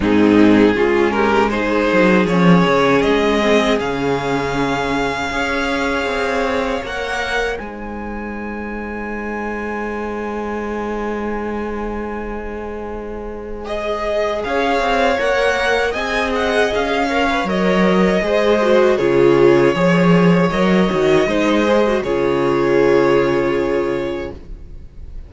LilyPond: <<
  \new Staff \with { instrumentName = "violin" } { \time 4/4 \tempo 4 = 79 gis'4. ais'8 c''4 cis''4 | dis''4 f''2.~ | f''4 fis''4 gis''2~ | gis''1~ |
gis''2 dis''4 f''4 | fis''4 gis''8 fis''8 f''4 dis''4~ | dis''4 cis''2 dis''4~ | dis''4 cis''2. | }
  \new Staff \with { instrumentName = "violin" } { \time 4/4 dis'4 f'8 g'8 gis'2~ | gis'2. cis''4~ | cis''2 c''2~ | c''1~ |
c''2. cis''4~ | cis''4 dis''4. cis''4. | c''4 gis'4 cis''2 | c''4 gis'2. | }
  \new Staff \with { instrumentName = "viola" } { \time 4/4 c'4 cis'4 dis'4 cis'4~ | cis'8 c'8 cis'2 gis'4~ | gis'4 ais'4 dis'2~ | dis'1~ |
dis'2 gis'2 | ais'4 gis'4. ais'16 b'16 ais'4 | gis'8 fis'8 f'4 gis'4 ais'8 fis'8 | dis'8 gis'16 fis'16 f'2. | }
  \new Staff \with { instrumentName = "cello" } { \time 4/4 gis,4 gis4. fis8 f8 cis8 | gis4 cis2 cis'4 | c'4 ais4 gis2~ | gis1~ |
gis2. cis'8 c'8 | ais4 c'4 cis'4 fis4 | gis4 cis4 f4 fis8 dis8 | gis4 cis2. | }
>>